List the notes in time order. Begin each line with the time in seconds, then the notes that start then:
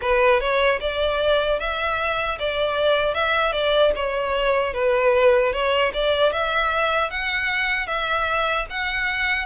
0.01 B4
0.40 C#5
0.80 D5
1.59 E5
2.39 D5
3.14 E5
3.52 D5
3.95 C#5
4.73 B4
5.52 C#5
5.93 D5
6.32 E5
7.10 F#5
7.87 E5
8.69 F#5